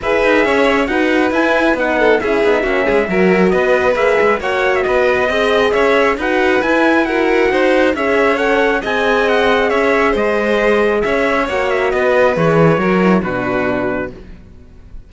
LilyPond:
<<
  \new Staff \with { instrumentName = "trumpet" } { \time 4/4 \tempo 4 = 136 e''2 fis''4 gis''4 | fis''4 e''2. | dis''4 e''4 fis''8. e''16 dis''4~ | dis''4 e''4 fis''4 gis''4 |
fis''2 e''4 fis''4 | gis''4 fis''4 e''4 dis''4~ | dis''4 e''4 fis''8 e''8 dis''4 | cis''2 b'2 | }
  \new Staff \with { instrumentName = "violin" } { \time 4/4 b'4 cis''4 b'2~ | b'8 a'8 gis'4 fis'8 gis'8 ais'4 | b'2 cis''4 b'4 | dis''4 cis''4 b'2 |
ais'4 c''4 cis''2 | dis''2 cis''4 c''4~ | c''4 cis''2 b'4~ | b'4 ais'4 fis'2 | }
  \new Staff \with { instrumentName = "horn" } { \time 4/4 gis'2 fis'4 e'4 | dis'4 e'8 dis'8 cis'4 fis'4~ | fis'4 gis'4 fis'2 | gis'2 fis'4 e'4 |
fis'2 gis'4 a'4 | gis'1~ | gis'2 fis'2 | gis'4 fis'8 e'8 d'2 | }
  \new Staff \with { instrumentName = "cello" } { \time 4/4 e'8 dis'8 cis'4 dis'4 e'4 | b4 cis'8 b8 ais8 gis8 fis4 | b4 ais8 gis8 ais4 b4 | c'4 cis'4 dis'4 e'4~ |
e'4 dis'4 cis'2 | c'2 cis'4 gis4~ | gis4 cis'4 ais4 b4 | e4 fis4 b,2 | }
>>